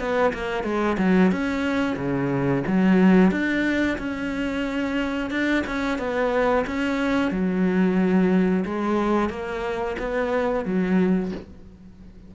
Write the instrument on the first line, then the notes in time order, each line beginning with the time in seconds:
cello
0.00 B3
0.34 A#3
0.64 G#3
0.98 F#3
1.32 C#4
1.97 C#3
2.67 F#3
3.32 D4
3.98 C#4
5.31 D4
5.67 C#4
5.99 B3
6.67 C#4
7.32 F#3
8.65 G#3
9.30 A#3
9.99 B3
10.65 F#3